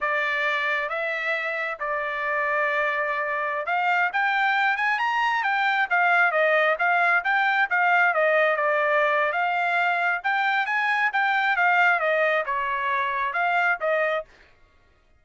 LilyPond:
\new Staff \with { instrumentName = "trumpet" } { \time 4/4 \tempo 4 = 135 d''2 e''2 | d''1~ | d''16 f''4 g''4. gis''8 ais''8.~ | ais''16 g''4 f''4 dis''4 f''8.~ |
f''16 g''4 f''4 dis''4 d''8.~ | d''4 f''2 g''4 | gis''4 g''4 f''4 dis''4 | cis''2 f''4 dis''4 | }